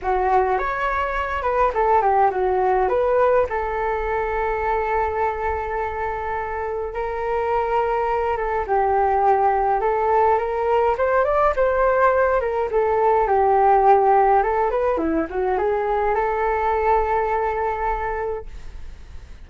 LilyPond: \new Staff \with { instrumentName = "flute" } { \time 4/4 \tempo 4 = 104 fis'4 cis''4. b'8 a'8 g'8 | fis'4 b'4 a'2~ | a'1 | ais'2~ ais'8 a'8 g'4~ |
g'4 a'4 ais'4 c''8 d''8 | c''4. ais'8 a'4 g'4~ | g'4 a'8 b'8 e'8 fis'8 gis'4 | a'1 | }